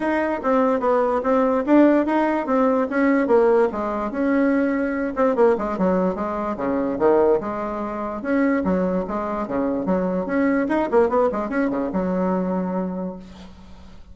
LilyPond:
\new Staff \with { instrumentName = "bassoon" } { \time 4/4 \tempo 4 = 146 dis'4 c'4 b4 c'4 | d'4 dis'4 c'4 cis'4 | ais4 gis4 cis'2~ | cis'8 c'8 ais8 gis8 fis4 gis4 |
cis4 dis4 gis2 | cis'4 fis4 gis4 cis4 | fis4 cis'4 dis'8 ais8 b8 gis8 | cis'8 cis8 fis2. | }